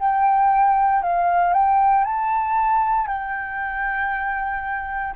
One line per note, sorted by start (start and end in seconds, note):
0.00 1.03 G5
1.03 1.54 F5
1.54 2.05 G5
2.05 3.08 A5
3.08 5.15 G5